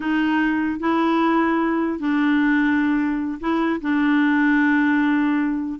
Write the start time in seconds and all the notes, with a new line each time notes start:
0.00 D#4
0.79 E4
1.99 D4
3.40 E4
3.81 D4